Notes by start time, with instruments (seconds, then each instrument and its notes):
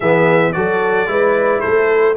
0.00 tuba E3, trombone B3, horn G#4, trumpet E5
0.52 tuba F#3, trombone F#4, horn A4, trumpet D5
1.06 tuba G#3, trombone E4, horn B4
1.60 tuba A3, horn A4, trumpet C5